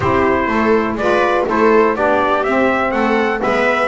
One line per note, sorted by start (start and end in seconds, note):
0.00 0.47 C4
0.00 0.99 E4
0.00 0.48 G4
0.00 0.97 C5
0.47 0.95 A3
0.47 0.98 A4
0.95 1.43 G#3
0.95 1.47 F4
0.95 1.48 B4
0.95 1.45 D5
1.47 1.95 A3
1.47 1.95 E4
1.47 1.96 A4
1.47 1.96 C5
1.95 2.44 B3
1.95 2.44 D4
1.95 2.93 G4
1.95 2.43 D5
2.43 2.92 C4
2.43 3.39 C4
2.43 2.91 E5
2.91 3.40 A3
2.91 3.43 A4
2.91 3.39 F#5
3.39 3.88 G#3
3.39 3.88 B3
3.39 3.88 B4
3.39 3.88 E5